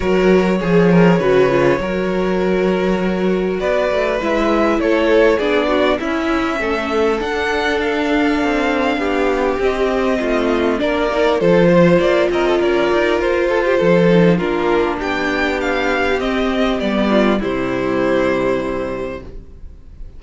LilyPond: <<
  \new Staff \with { instrumentName = "violin" } { \time 4/4 \tempo 4 = 100 cis''1~ | cis''2 d''4 e''4 | cis''4 d''4 e''2 | fis''4 f''2. |
dis''2 d''4 c''4 | d''8 dis''8 d''4 c''2 | ais'4 g''4 f''4 dis''4 | d''4 c''2. | }
  \new Staff \with { instrumentName = "violin" } { \time 4/4 ais'4 gis'8 ais'8 b'4 ais'4~ | ais'2 b'2 | a'4 gis'8 fis'8 e'4 a'4~ | a'2. g'4~ |
g'4 f'4 ais'4 a'8 c''8~ | c''8 ais'16 a'16 ais'4. a'16 g'16 a'4 | f'4 g'2.~ | g'8 f'8 e'2. | }
  \new Staff \with { instrumentName = "viola" } { \time 4/4 fis'4 gis'4 fis'8 f'8 fis'4~ | fis'2. e'4~ | e'4 d'4 cis'2 | d'1 |
c'2 d'8 dis'8 f'4~ | f'2.~ f'8 dis'8 | d'2. c'4 | b4 g2. | }
  \new Staff \with { instrumentName = "cello" } { \time 4/4 fis4 f4 cis4 fis4~ | fis2 b8 a8 gis4 | a4 b4 cis'4 a4 | d'2 c'4 b4 |
c'4 a4 ais4 f4 | ais8 c'8 cis'8 dis'8 f'4 f4 | ais4 b2 c'4 | g4 c2. | }
>>